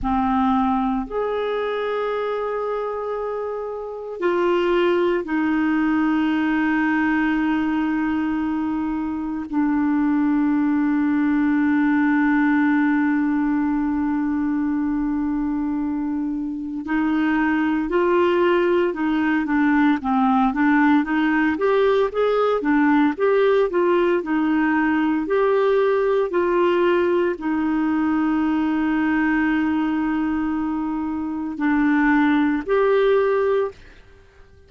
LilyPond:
\new Staff \with { instrumentName = "clarinet" } { \time 4/4 \tempo 4 = 57 c'4 gis'2. | f'4 dis'2.~ | dis'4 d'2.~ | d'1 |
dis'4 f'4 dis'8 d'8 c'8 d'8 | dis'8 g'8 gis'8 d'8 g'8 f'8 dis'4 | g'4 f'4 dis'2~ | dis'2 d'4 g'4 | }